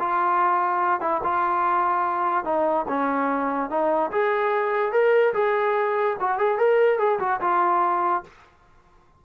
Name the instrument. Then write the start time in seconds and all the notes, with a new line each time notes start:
trombone
0.00 F4
1.01 E4
1.24 F4
2.45 D#4
2.88 C#4
3.70 D#4
4.12 G#4
4.92 A#4
5.34 G#4
6.20 F#4
6.39 G#4
6.59 A#4
6.99 G#4
7.20 F#4
7.41 F4